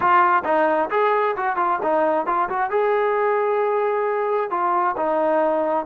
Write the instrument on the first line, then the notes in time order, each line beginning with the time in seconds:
trombone
0.00 F4
0.44 D#4
0.90 G#4
1.36 F#4
1.56 F4
1.82 D#4
2.26 F4
2.49 F#4
2.70 G#4
4.50 F4
4.96 D#4